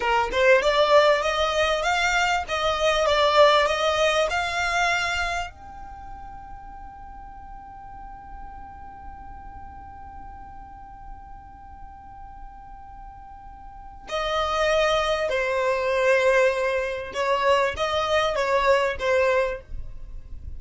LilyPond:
\new Staff \with { instrumentName = "violin" } { \time 4/4 \tempo 4 = 98 ais'8 c''8 d''4 dis''4 f''4 | dis''4 d''4 dis''4 f''4~ | f''4 g''2.~ | g''1~ |
g''1~ | g''2. dis''4~ | dis''4 c''2. | cis''4 dis''4 cis''4 c''4 | }